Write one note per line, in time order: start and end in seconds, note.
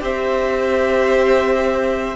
0.00 2.16 C4
0.00 2.14 G4
0.00 2.16 C5
0.00 2.16 E5